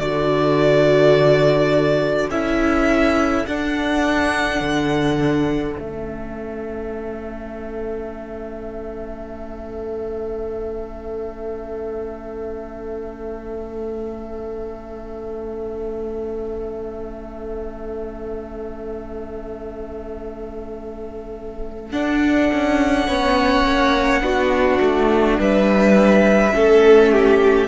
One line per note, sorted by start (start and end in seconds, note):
0.00 2.30 D3
0.00 2.31 F#4
0.00 23.08 A4
0.00 2.31 D5
2.30 3.46 C#4
2.30 3.47 E4
2.30 3.46 E5
3.46 4.61 D4
3.46 5.79 D4
3.46 5.75 F#5
4.61 5.77 D3
5.75 21.94 A3
5.75 21.93 C#4
5.75 21.90 E5
21.92 23.08 D4
21.92 22.51 D4
21.92 25.38 F#5
22.53 23.08 C#4
23.08 23.65 B3
23.08 24.21 C#4
23.08 24.23 C#5
23.65 24.22 A#3
24.21 24.80 B3
24.21 26.52 D4
24.21 25.39 F#4
24.81 25.39 A3
25.39 26.54 G3
25.39 26.55 B4
25.39 27.69 E5
26.53 27.69 A3
26.53 27.68 C#4
26.53 27.12 A4
27.12 27.69 G4